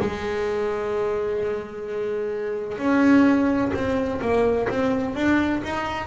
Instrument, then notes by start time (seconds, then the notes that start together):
double bass
0.00 G#3
2.78 C#4
3.74 C4
4.21 A#3
4.69 C4
5.15 D4
5.64 D#4